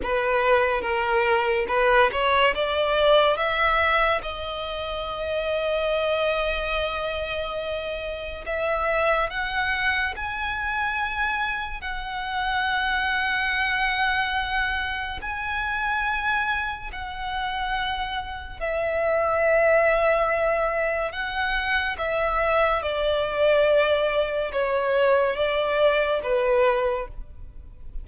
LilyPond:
\new Staff \with { instrumentName = "violin" } { \time 4/4 \tempo 4 = 71 b'4 ais'4 b'8 cis''8 d''4 | e''4 dis''2.~ | dis''2 e''4 fis''4 | gis''2 fis''2~ |
fis''2 gis''2 | fis''2 e''2~ | e''4 fis''4 e''4 d''4~ | d''4 cis''4 d''4 b'4 | }